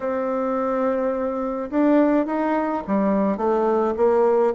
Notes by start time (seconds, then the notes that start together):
0.00 C4
1.70 D4
2.26 D#4
2.87 G3
3.37 A3
3.96 A#3